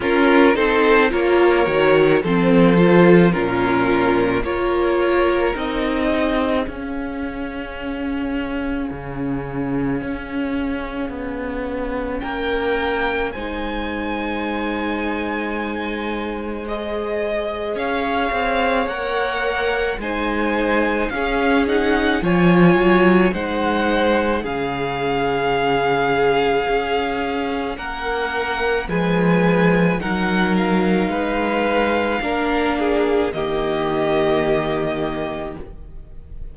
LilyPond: <<
  \new Staff \with { instrumentName = "violin" } { \time 4/4 \tempo 4 = 54 ais'8 c''8 cis''4 c''4 ais'4 | cis''4 dis''4 f''2~ | f''2. g''4 | gis''2. dis''4 |
f''4 fis''4 gis''4 f''8 fis''8 | gis''4 fis''4 f''2~ | f''4 fis''4 gis''4 fis''8 f''8~ | f''2 dis''2 | }
  \new Staff \with { instrumentName = "violin" } { \time 4/4 f'8 a'8 ais'4 a'4 f'4 | ais'4. gis'2~ gis'8~ | gis'2. ais'4 | c''1 |
cis''2 c''4 gis'4 | cis''4 c''4 gis'2~ | gis'4 ais'4 b'4 ais'4 | b'4 ais'8 gis'8 g'2 | }
  \new Staff \with { instrumentName = "viola" } { \time 4/4 cis'8 dis'8 f'8 fis'8 c'8 f'8 cis'4 | f'4 dis'4 cis'2~ | cis'1 | dis'2. gis'4~ |
gis'4 ais'4 dis'4 cis'8 dis'8 | f'4 dis'4 cis'2~ | cis'2 gis4 dis'4~ | dis'4 d'4 ais2 | }
  \new Staff \with { instrumentName = "cello" } { \time 4/4 cis'8 c'8 ais8 dis8 f4 ais,4 | ais4 c'4 cis'2 | cis4 cis'4 b4 ais4 | gis1 |
cis'8 c'8 ais4 gis4 cis'4 | f8 fis8 gis4 cis2 | cis'4 ais4 f4 fis4 | gis4 ais4 dis2 | }
>>